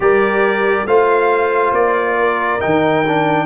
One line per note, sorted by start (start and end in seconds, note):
0.00 0.84 G3
0.00 0.86 G4
0.00 0.87 A#4
0.00 0.86 D5
0.85 1.72 A3
0.85 2.60 F4
0.85 2.18 C5
0.85 1.73 F5
1.72 2.59 A#3
1.72 2.61 D5
2.19 3.46 A#4
2.60 3.46 D#3
2.60 3.03 D#4
2.60 3.46 G5
3.07 3.46 D4